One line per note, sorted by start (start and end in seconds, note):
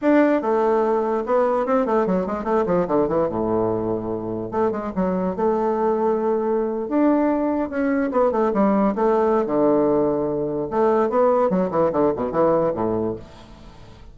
0.01 0.41 D4
0.41 1.23 A3
1.25 1.66 B3
1.66 1.85 C4
1.85 2.06 A3
2.06 2.26 F#3
2.26 2.44 G#3
2.44 2.64 A3
2.66 2.86 F3
2.87 3.08 D3
3.08 3.28 E3
3.29 4.51 A2
4.51 4.71 A3
4.71 4.91 G#3
4.95 5.35 F#3
5.35 6.88 A3
6.88 7.69 D4
7.69 8.11 C#4
8.11 8.31 B3
8.31 8.52 A3
8.53 8.94 G3
8.95 9.46 A3
9.46 10.69 D3
10.70 11.09 A3
11.09 11.50 B3
11.50 11.70 F#3
11.70 11.91 E3
11.92 12.12 D3
12.16 12.31 B2
12.31 12.72 E3
12.74 13.15 A2